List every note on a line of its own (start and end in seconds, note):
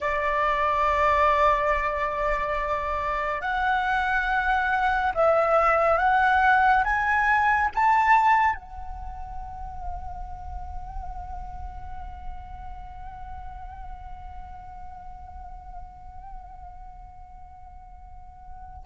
0.00 3.41 D5
3.41 5.12 F#5
5.14 5.98 E5
5.98 6.83 F#5
6.84 7.69 G#5
7.74 8.54 A5
8.54 18.83 F#5